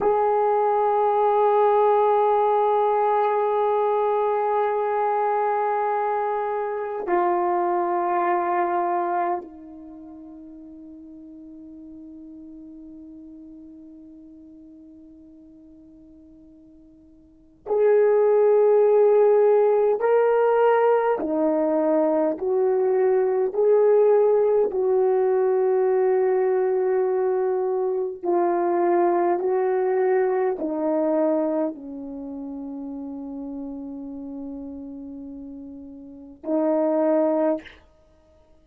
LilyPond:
\new Staff \with { instrumentName = "horn" } { \time 4/4 \tempo 4 = 51 gis'1~ | gis'2 f'2 | dis'1~ | dis'2. gis'4~ |
gis'4 ais'4 dis'4 fis'4 | gis'4 fis'2. | f'4 fis'4 dis'4 cis'4~ | cis'2. dis'4 | }